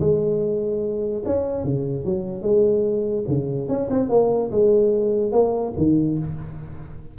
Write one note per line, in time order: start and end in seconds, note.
0.00 1.23 G#3
1.26 1.64 C#4
1.64 2.05 C#3
2.05 2.42 F#3
2.42 3.24 G#3
3.28 3.68 C#3
3.68 3.89 C#4
3.91 4.09 C4
4.09 4.50 A#3
4.51 5.32 G#3
5.32 5.73 A#3
5.77 6.18 D#3